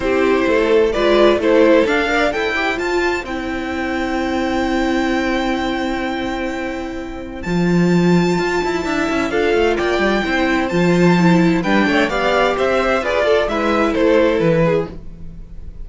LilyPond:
<<
  \new Staff \with { instrumentName = "violin" } { \time 4/4 \tempo 4 = 129 c''2 d''4 c''4 | f''4 g''4 a''4 g''4~ | g''1~ | g''1 |
a''1 | f''4 g''2 a''4~ | a''4 g''4 f''4 e''4 | d''4 e''4 c''4 b'4 | }
  \new Staff \with { instrumentName = "violin" } { \time 4/4 g'4 a'4 b'4 a'4~ | a'8 d''8 c''2.~ | c''1~ | c''1~ |
c''2. e''4 | a'4 d''4 c''2~ | c''4 b'8 cis''8 d''4 c''4 | b'8 a'8 b'4 a'4. gis'8 | }
  \new Staff \with { instrumentName = "viola" } { \time 4/4 e'2 f'4 e'4 | d'8 ais'8 a'8 g'8 f'4 e'4~ | e'1~ | e'1 |
f'2. e'4 | f'2 e'4 f'4 | e'4 d'4 g'2 | gis'8 a'8 e'2. | }
  \new Staff \with { instrumentName = "cello" } { \time 4/4 c'4 a4 gis4 a4 | d'4 e'4 f'4 c'4~ | c'1~ | c'1 |
f2 f'8 e'8 d'8 cis'8 | d'8 a8 ais8 g8 c'4 f4~ | f4 g8 a8 b4 c'4 | f'4 gis4 a4 e4 | }
>>